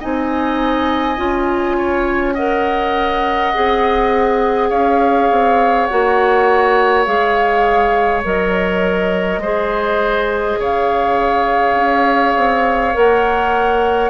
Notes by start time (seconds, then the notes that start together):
0.00 C4 D#4 D#5 G#5
1.17 C#4 F4
1.78 C#5
2.34 A#4 D#5 F#5
3.54 C4 G#4
4.70 C#4 C#5 F5
5.31 C4
5.87 A#3 F#4 F#5
7.05 G#3 G#4 F5
8.24 F#3 A#4 D#5
9.38 G#3 G#4 C5
10.59 C#3 C#5 F5
11.75 C#4
12.37 C4
12.94 A#3 A#4 F#5